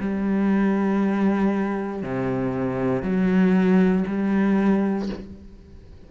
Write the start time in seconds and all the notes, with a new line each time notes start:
0.00 G3
2.03 C3
3.03 F#3
4.08 G3